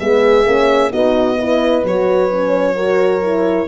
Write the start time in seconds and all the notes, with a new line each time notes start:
0.00 G#3 B3 G#4 E5
0.45 A#3 C#4
0.90 B3 D#4 F#4 D#5
1.39 E4 B4
1.84 F#3 F#4 C#5
2.32 C#4
2.75 F#4 A#4
3.22 E4